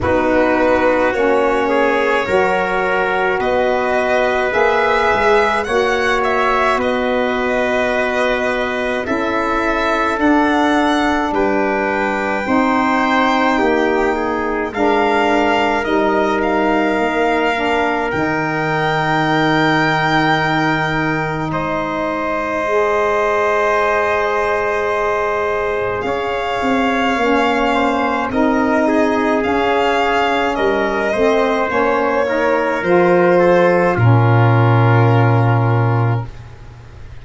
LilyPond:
<<
  \new Staff \with { instrumentName = "violin" } { \time 4/4 \tempo 4 = 53 b'4 cis''2 dis''4 | e''4 fis''8 e''8 dis''2 | e''4 fis''4 g''2~ | g''4 f''4 dis''8 f''4. |
g''2. dis''4~ | dis''2. f''4~ | f''4 dis''4 f''4 dis''4 | cis''4 c''4 ais'2 | }
  \new Staff \with { instrumentName = "trumpet" } { \time 4/4 fis'4. gis'8 ais'4 b'4~ | b'4 cis''4 b'2 | a'2 b'4 c''4 | g'8 gis'8 ais'2.~ |
ais'2. c''4~ | c''2. cis''4~ | cis''8 c''8 ais'8 gis'4. ais'8 c''8~ | c''8 ais'4 a'8 f'2 | }
  \new Staff \with { instrumentName = "saxophone" } { \time 4/4 dis'4 cis'4 fis'2 | gis'4 fis'2. | e'4 d'2 dis'4~ | dis'4 d'4 dis'4. d'8 |
dis'1 | gis'1 | cis'4 dis'4 cis'4. c'8 | cis'8 dis'8 f'4 cis'2 | }
  \new Staff \with { instrumentName = "tuba" } { \time 4/4 b4 ais4 fis4 b4 | ais8 gis8 ais4 b2 | cis'4 d'4 g4 c'4 | ais4 gis4 g4 ais4 |
dis2. gis4~ | gis2. cis'8 c'8 | ais4 c'4 cis'4 g8 a8 | ais4 f4 ais,2 | }
>>